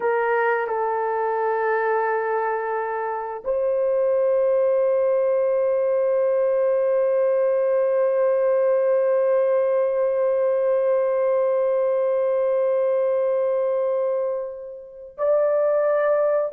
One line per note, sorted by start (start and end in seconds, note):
0.00 0.67 A#4
0.67 3.43 A4
3.44 15.16 C5
15.17 16.52 D5